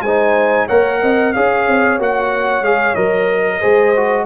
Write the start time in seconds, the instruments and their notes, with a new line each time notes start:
0.00 tuba G#3, trombone D#4, horn C5, trumpet G#5
0.66 tuba A#3, trombone A#4, horn C#5, trumpet F#5
1.01 tuba C4, horn D#5
1.33 tuba C#4, trombone G#4, horn C#5, trumpet F5
1.68 tuba C4
1.98 tuba A#3, trombone F#4, trumpet F#5
2.61 tuba G#3, trombone G#4, trumpet F5
2.95 tuba F#3, trombone A#4, trumpet D#5
3.47 horn A#4
3.60 tuba G#3, trombone G#4, horn C5
3.96 trombone F#4